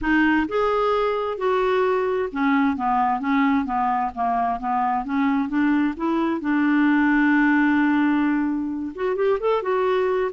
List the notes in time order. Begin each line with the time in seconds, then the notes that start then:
0.01 D#4
0.48 G#4
1.37 F#4
2.32 C#4
2.76 B3
3.20 C#4
3.65 B3
4.15 A#3
4.59 B3
5.04 C#4
5.48 D4
5.97 E4
6.40 D4
8.95 F#4
9.16 G4
9.40 A4
9.62 F#4